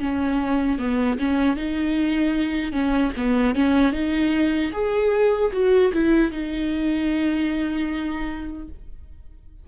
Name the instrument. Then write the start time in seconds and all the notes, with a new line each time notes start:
viola
0.00 C#4
0.79 B3
1.18 C#4
1.56 D#4
2.72 C#4
3.17 B3
3.55 C#4
3.92 D#4
4.73 G#4
5.53 F#4
5.93 E4
6.31 D#4